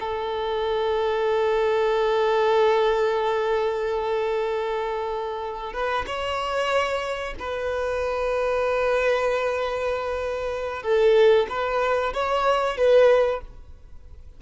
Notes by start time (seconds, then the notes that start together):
0.00 A4
5.73 B4
6.06 C#5
7.39 B4
10.83 A4
11.49 B4
12.13 C#5
12.77 B4